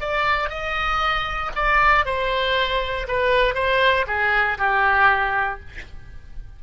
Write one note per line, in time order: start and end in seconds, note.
0.00 0.49 D5
0.49 1.51 D#5
1.55 2.05 D5
2.05 3.07 C5
3.08 3.55 B4
3.55 4.06 C5
4.07 4.58 G#4
4.58 5.60 G4